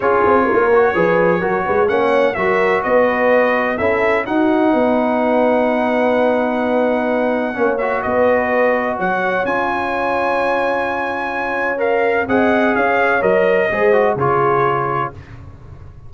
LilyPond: <<
  \new Staff \with { instrumentName = "trumpet" } { \time 4/4 \tempo 4 = 127 cis''1 | fis''4 e''4 dis''2 | e''4 fis''2.~ | fis''1~ |
fis''8 e''8 dis''2 fis''4 | gis''1~ | gis''4 f''4 fis''4 f''4 | dis''2 cis''2 | }
  \new Staff \with { instrumentName = "horn" } { \time 4/4 gis'4 ais'4 b'4 ais'8 b'8 | cis''4 ais'4 b'2 | a'4 fis'4 b'2~ | b'1 |
cis''4 b'2 cis''4~ | cis''1~ | cis''2 dis''4 cis''4~ | cis''4 c''4 gis'2 | }
  \new Staff \with { instrumentName = "trombone" } { \time 4/4 f'4. fis'8 gis'4 fis'4 | cis'4 fis'2. | e'4 dis'2.~ | dis'1 |
cis'8 fis'2.~ fis'8 | f'1~ | f'4 ais'4 gis'2 | ais'4 gis'8 fis'8 f'2 | }
  \new Staff \with { instrumentName = "tuba" } { \time 4/4 cis'8 c'8 ais4 f4 fis8 gis8 | ais4 fis4 b2 | cis'4 dis'4 b2~ | b1 |
ais4 b2 fis4 | cis'1~ | cis'2 c'4 cis'4 | fis4 gis4 cis2 | }
>>